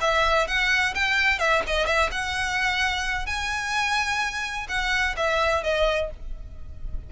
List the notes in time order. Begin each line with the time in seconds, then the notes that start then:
0.00 E5
0.47 F#5
0.94 G5
1.38 E5
1.66 D#5
1.86 E5
2.11 F#5
3.26 G#5
4.68 F#5
5.16 E5
5.63 D#5